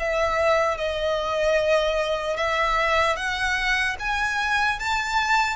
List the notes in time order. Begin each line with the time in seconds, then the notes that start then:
0.00 E5
0.78 D#5
2.37 E5
3.17 F#5
4.00 G#5
4.80 A5